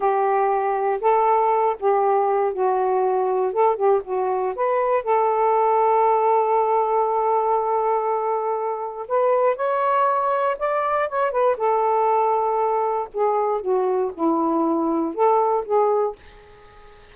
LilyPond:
\new Staff \with { instrumentName = "saxophone" } { \time 4/4 \tempo 4 = 119 g'2 a'4. g'8~ | g'4 fis'2 a'8 g'8 | fis'4 b'4 a'2~ | a'1~ |
a'2 b'4 cis''4~ | cis''4 d''4 cis''8 b'8 a'4~ | a'2 gis'4 fis'4 | e'2 a'4 gis'4 | }